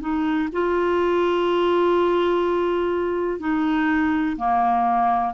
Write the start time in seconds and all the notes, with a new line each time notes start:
0.00 D#4
0.52 F4
3.40 D#4
4.37 A#3